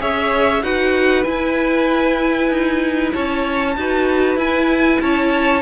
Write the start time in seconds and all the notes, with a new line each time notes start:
0.00 C#4 G#4 C#5 E5
0.63 D#4 F#4 B4 F#5
1.24 E4 G#5
2.50 D#4
3.13 C#4 C#5 A5
3.77 D#4 F#4 B4
4.36 E4 G#5
5.01 C#4 C#5 A5